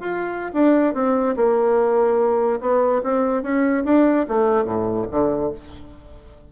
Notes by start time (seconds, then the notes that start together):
0.00 F4
0.54 D4
0.94 C4
1.36 A#3
2.61 B3
3.04 C4
3.43 C#4
3.85 D4
4.28 A3
4.65 A2
5.11 D3